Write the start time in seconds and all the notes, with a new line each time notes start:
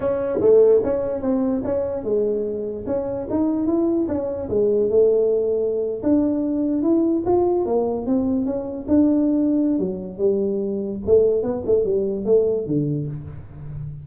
0.00 C#4
0.40 A3
0.83 C#4
1.21 C4
1.64 C#4
2.03 G#3
2.86 C#4
3.30 D#4
3.66 E4
4.08 C#4
4.49 G#3
4.89 A3
6.03 D4
6.82 E4
7.25 F4
7.65 A#3
8.06 C4
8.45 C#4
8.88 D4
9.78 F#3
10.17 G3
11.06 A3
11.42 B3
11.66 A3
11.84 G3
12.25 A3
12.66 D3